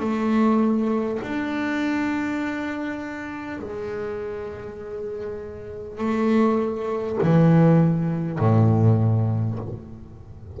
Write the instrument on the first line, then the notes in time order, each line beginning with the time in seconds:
double bass
0.00 A3
1.23 D4
3.59 G#3
5.97 A3
7.22 E3
8.38 A2